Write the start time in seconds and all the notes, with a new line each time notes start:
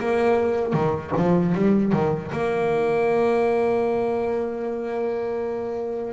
0.00 A#3
0.73 D#3
1.17 F3
1.55 G3
1.92 D#3
2.32 A#3